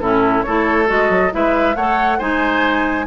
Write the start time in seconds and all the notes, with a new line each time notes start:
0.00 A2 C#4 E4 A4
0.43 A3 E4 A4 C#5
0.87 G#3 F#4 D#5
1.10 F#3
1.32 G#3 E4 B4 E5
1.76 A3 A4 C#5 F#5
2.19 G#3 D#4 C5 G#5